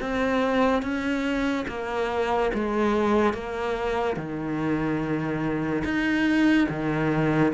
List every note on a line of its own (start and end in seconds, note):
0.00 0.82 C4
0.82 1.65 C#4
1.67 2.51 A#3
2.54 3.33 G#3
3.33 4.16 A#3
4.16 5.83 D#3
5.84 6.67 D#4
6.69 7.52 D#3